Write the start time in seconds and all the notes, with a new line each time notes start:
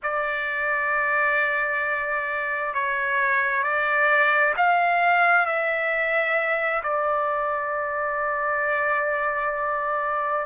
0.02 D5
2.74 C#5
3.63 D5
4.57 F5
5.45 E5
6.83 D5